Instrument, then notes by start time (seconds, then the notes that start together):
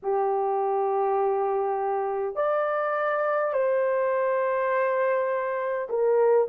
horn
0.02 G4
2.35 D5
3.53 C5
5.89 A#4